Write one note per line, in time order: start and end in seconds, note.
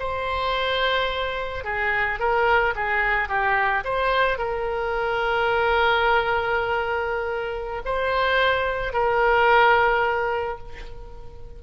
0.00 1.65 C5
1.65 2.20 G#4
2.20 2.75 A#4
2.76 3.29 G#4
3.29 3.84 G4
3.85 4.39 C5
4.39 7.83 A#4
7.85 8.94 C5
8.94 10.59 A#4